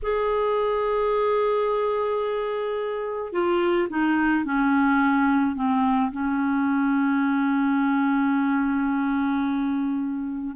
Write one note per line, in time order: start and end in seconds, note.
0.02 3.32 G#4
3.32 3.88 F4
3.89 4.44 D#4
4.44 5.55 C#4
5.55 6.11 C4
6.11 10.56 C#4